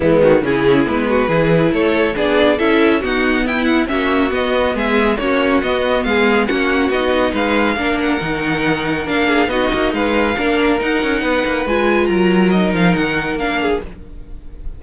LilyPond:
<<
  \new Staff \with { instrumentName = "violin" } { \time 4/4 \tempo 4 = 139 e'8 fis'8 gis'4 b'2 | cis''4 d''4 e''4 fis''4 | g''8 fis''8 e''4 dis''4 e''4 | cis''4 dis''4 f''4 fis''4 |
dis''4 f''4. fis''4.~ | fis''4 f''4 dis''4 f''4~ | f''4 fis''2 gis''4 | ais''4 dis''8 f''8 fis''4 f''4 | }
  \new Staff \with { instrumentName = "violin" } { \time 4/4 b4 e'4. fis'8 gis'4 | a'4 gis'4 a'4 fis'4 | e'4 fis'2 gis'4 | fis'2 gis'4 fis'4~ |
fis'4 b'4 ais'2~ | ais'4. gis'8 fis'4 b'4 | ais'2 b'2 | ais'2.~ ais'8 gis'8 | }
  \new Staff \with { instrumentName = "viola" } { \time 4/4 gis4 cis'4 b4 e'4~ | e'4 d'4 e'4 b4~ | b4 cis'4 b2 | cis'4 b2 cis'4 |
dis'2 d'4 dis'4~ | dis'4 d'4 dis'2 | d'4 dis'2 f'4~ | f'4 dis'2 d'4 | }
  \new Staff \with { instrumentName = "cello" } { \time 4/4 e8 dis8 cis4 gis4 e4 | a4 b4 cis'4 dis'4 | e'4 ais4 b4 gis4 | ais4 b4 gis4 ais4 |
b4 gis4 ais4 dis4~ | dis4 ais4 b8 ais8 gis4 | ais4 dis'8 cis'8 b8 ais8 gis4 | fis4. f8 dis4 ais4 | }
>>